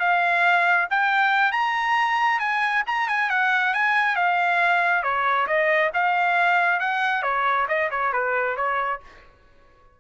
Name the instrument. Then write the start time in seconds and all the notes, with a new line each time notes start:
trumpet
0.00 F5
0.90 G5
1.52 A#5
2.39 G#5
2.87 A#5
3.08 G#5
3.30 F#5
3.74 G#5
4.16 F5
5.03 C#5
5.47 D#5
5.94 F5
6.80 F#5
7.23 C#5
7.68 D#5
7.91 C#5
8.13 B4
8.56 C#5